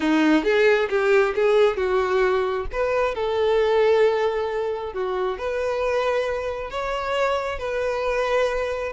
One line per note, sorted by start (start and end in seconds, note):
0.00 0.44 D#4
0.44 0.88 G#4
0.89 1.34 G4
1.35 1.76 G#4
1.76 2.66 F#4
2.72 3.14 B4
3.14 4.93 A4
4.93 5.37 F#4
5.37 6.70 B4
6.70 7.58 C#5
7.58 8.92 B4